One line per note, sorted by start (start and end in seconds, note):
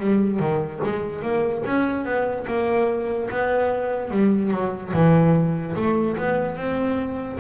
0.00 0.39 G3
0.39 0.80 D#3
0.84 1.22 G#3
1.22 1.63 A#3
1.66 2.05 C#4
2.05 2.46 B3
2.47 3.29 A#3
3.30 4.11 B3
4.11 4.51 G3
4.51 4.92 F#3
4.93 5.75 E3
5.76 6.17 A3
6.17 6.56 B3
6.56 7.39 C4